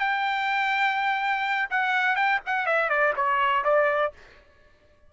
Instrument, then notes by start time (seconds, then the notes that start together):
trumpet
0.00 G5
1.71 F#5
2.16 G5
2.47 F#5
2.67 E5
2.90 D5
3.16 C#5
3.65 D5